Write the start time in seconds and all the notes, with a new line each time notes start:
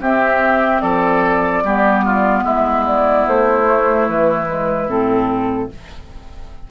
0.00 C4 G4 E5
0.81 F3 A4 D5
1.64 G3 B3 G4
2.05 F4
2.43 G#3 E4 E5
2.86 D5
3.27 A3 C5
3.64 A3
4.08 E3 B4
4.46 G#3
4.87 A2 C4 A4